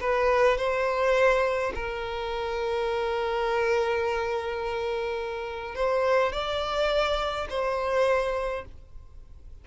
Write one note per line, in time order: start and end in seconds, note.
0.00 0.57 B4
0.57 1.73 C5
1.74 5.75 A#4
5.75 6.32 C5
6.32 7.47 D5
7.49 8.65 C5